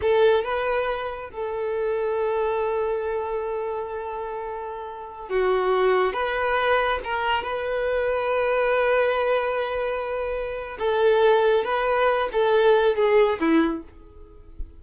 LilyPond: \new Staff \with { instrumentName = "violin" } { \time 4/4 \tempo 4 = 139 a'4 b'2 a'4~ | a'1~ | a'1~ | a'16 fis'2 b'4.~ b'16~ |
b'16 ais'4 b'2~ b'8.~ | b'1~ | b'4 a'2 b'4~ | b'8 a'4. gis'4 e'4 | }